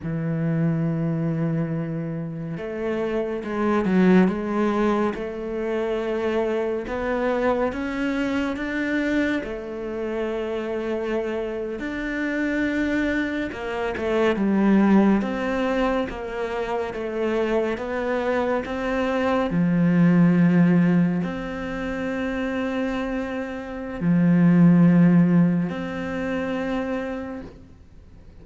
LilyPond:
\new Staff \with { instrumentName = "cello" } { \time 4/4 \tempo 4 = 70 e2. a4 | gis8 fis8 gis4 a2 | b4 cis'4 d'4 a4~ | a4.~ a16 d'2 ais16~ |
ais16 a8 g4 c'4 ais4 a16~ | a8. b4 c'4 f4~ f16~ | f8. c'2.~ c'16 | f2 c'2 | }